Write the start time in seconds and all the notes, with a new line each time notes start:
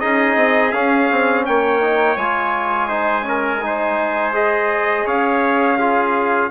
0.00 C#4 D#4 G#4 D#5
0.36 C4
0.72 C#4 F5
1.11 C4
1.46 A#3 C#5 G5
1.81 D#4
2.16 G#3 F4 G#5
2.88 D#4 C5
3.23 C#4 A#4
3.62 D#4 C5
4.34 G#4 D#5
5.05 C#4 C#5 F5
5.79 F4 G#4